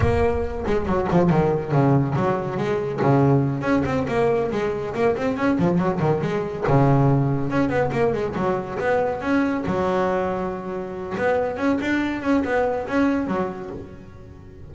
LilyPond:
\new Staff \with { instrumentName = "double bass" } { \time 4/4 \tempo 4 = 140 ais4. gis8 fis8 f8 dis4 | cis4 fis4 gis4 cis4~ | cis8 cis'8 c'8 ais4 gis4 ais8 | c'8 cis'8 f8 fis8 dis8 gis4 cis8~ |
cis4. cis'8 b8 ais8 gis8 fis8~ | fis8 b4 cis'4 fis4.~ | fis2 b4 cis'8 d'8~ | d'8 cis'8 b4 cis'4 fis4 | }